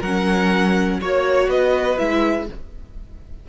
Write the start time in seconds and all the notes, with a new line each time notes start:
0.00 F#3 C#4 A#4 F#5
1.01 A#3 F#4 C#5
1.48 B3 B4 D#5
1.98 G#3 E4 E5